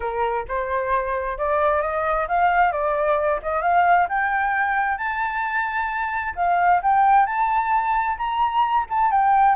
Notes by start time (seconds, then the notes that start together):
0.00 A#4
0.48 C5
1.38 D5
1.81 D#5
2.28 F5
2.71 D5
3.42 D#5
3.62 F5
4.08 G5
4.97 A5
6.35 F5
6.82 G5
7.26 A5
8.17 A#5
8.89 A5
9.11 G5